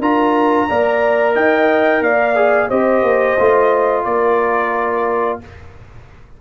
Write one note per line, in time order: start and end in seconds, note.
0.00 0.67 D4
0.00 0.69 F4
0.00 0.68 A#4
0.00 1.36 A#5
0.69 1.35 A#3
0.69 2.36 A#4
0.69 1.35 D5
1.35 2.02 D#4
1.35 2.02 D#5
1.35 2.03 G5
2.02 2.69 A#3
2.02 2.69 D5
2.02 2.70 F5
2.36 2.69 G#4
2.69 3.03 C4
2.69 3.38 G4
2.69 4.04 C5
2.69 4.05 D#5
3.03 3.37 A#3
3.39 4.05 A3
3.39 5.42 F4
4.05 5.40 A#3
4.05 5.41 A#4
4.05 5.39 D5